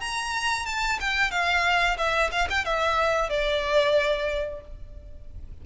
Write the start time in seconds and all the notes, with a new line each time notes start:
0.00 A#5
0.66 A5
1.00 G5
1.31 F5
1.98 E5
2.31 F5
2.50 G5
2.65 E5
3.29 D5